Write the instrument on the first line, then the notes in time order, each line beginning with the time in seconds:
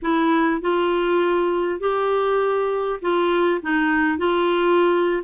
clarinet
0.02 E4
0.61 F4
1.80 G4
3.01 F4
3.62 D#4
4.18 F4